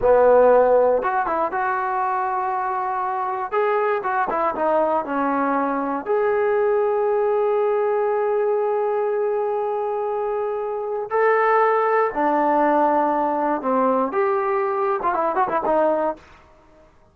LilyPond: \new Staff \with { instrumentName = "trombone" } { \time 4/4 \tempo 4 = 119 b2 fis'8 e'8 fis'4~ | fis'2. gis'4 | fis'8 e'8 dis'4 cis'2 | gis'1~ |
gis'1~ | gis'2 a'2 | d'2. c'4 | g'4.~ g'16 f'16 e'8 fis'16 e'16 dis'4 | }